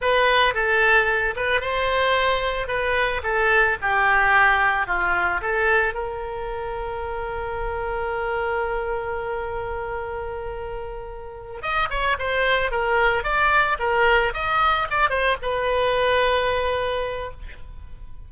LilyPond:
\new Staff \with { instrumentName = "oboe" } { \time 4/4 \tempo 4 = 111 b'4 a'4. b'8 c''4~ | c''4 b'4 a'4 g'4~ | g'4 f'4 a'4 ais'4~ | ais'1~ |
ais'1~ | ais'4. dis''8 cis''8 c''4 ais'8~ | ais'8 d''4 ais'4 dis''4 d''8 | c''8 b'2.~ b'8 | }